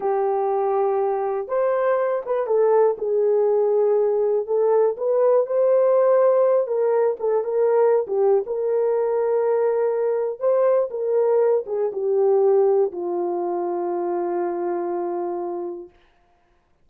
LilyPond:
\new Staff \with { instrumentName = "horn" } { \time 4/4 \tempo 4 = 121 g'2. c''4~ | c''8 b'8 a'4 gis'2~ | gis'4 a'4 b'4 c''4~ | c''4. ais'4 a'8 ais'4~ |
ais'16 g'8. ais'2.~ | ais'4 c''4 ais'4. gis'8 | g'2 f'2~ | f'1 | }